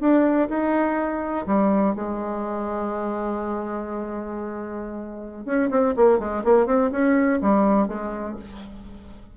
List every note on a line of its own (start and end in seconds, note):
0.00 0.48 D4
0.49 1.46 D#4
1.46 1.95 G3
1.95 5.45 G#3
5.45 5.69 C#4
5.70 5.94 C4
5.96 6.19 A#3
6.19 6.43 G#3
6.44 6.66 A#3
6.66 6.90 C4
6.91 7.39 C#4
7.41 7.88 G3
7.88 8.36 G#3